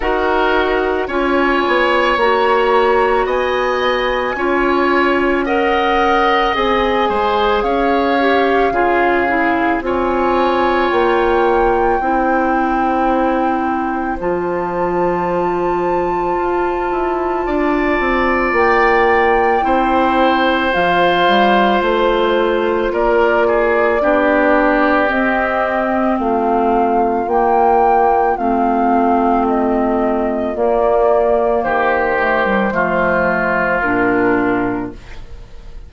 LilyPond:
<<
  \new Staff \with { instrumentName = "flute" } { \time 4/4 \tempo 4 = 55 fis''4 gis''4 ais''4 gis''4~ | gis''4 fis''4 gis''4 f''4~ | f''4 gis''4 g''2~ | g''4 a''2.~ |
a''4 g''2 f''4 | c''4 d''2 dis''4 | f''4 g''4 f''4 dis''4 | d''4 c''2 ais'4 | }
  \new Staff \with { instrumentName = "oboe" } { \time 4/4 ais'4 cis''2 dis''4 | cis''4 dis''4. c''8 cis''4 | gis'4 cis''2 c''4~ | c''1 |
d''2 c''2~ | c''4 ais'8 gis'8 g'2 | f'1~ | f'4 g'4 f'2 | }
  \new Staff \with { instrumentName = "clarinet" } { \time 4/4 fis'4 f'4 fis'2 | f'4 ais'4 gis'4. g'8 | f'8 e'8 f'2 e'4~ | e'4 f'2.~ |
f'2 e'4 f'4~ | f'2 d'4 c'4~ | c'4 ais4 c'2 | ais4. a16 g16 a4 d'4 | }
  \new Staff \with { instrumentName = "bassoon" } { \time 4/4 dis'4 cis'8 b8 ais4 b4 | cis'2 c'8 gis8 cis'4 | cis4 c'4 ais4 c'4~ | c'4 f2 f'8 e'8 |
d'8 c'8 ais4 c'4 f8 g8 | a4 ais4 b4 c'4 | a4 ais4 a2 | ais4 dis4 f4 ais,4 | }
>>